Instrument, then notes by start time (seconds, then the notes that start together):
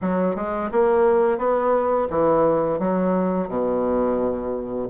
bassoon
0.01 F#3
0.35 G#3
0.71 A#3
1.38 B3
2.09 E3
2.79 F#3
3.48 B2